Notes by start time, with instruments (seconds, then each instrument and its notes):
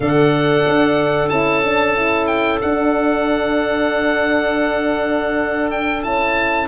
0.00 tuba D3, horn D4, clarinet A4, oboe F#5
0.66 tuba D4
1.29 tuba C#4, horn E4, oboe A5
1.64 horn D4
1.96 horn E4
2.26 oboe G5
2.61 tuba D4, horn D4, oboe F#5
5.70 oboe G5
6.02 tuba C#4, horn E4, oboe A5